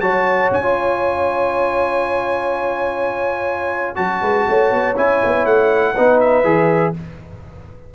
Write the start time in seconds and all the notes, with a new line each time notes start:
0.00 F#3 F#4 C#5 A5
0.51 C#4 G#5
0.62 F4
3.95 F#3 F#4 A5
4.21 G#3 B4
4.48 A3 C#5
4.71 B3
4.96 C#4 E4 G#5
5.24 B3
5.45 A3 F#5
5.94 B3 D#4 B4
6.20 E5
6.43 E3 G#4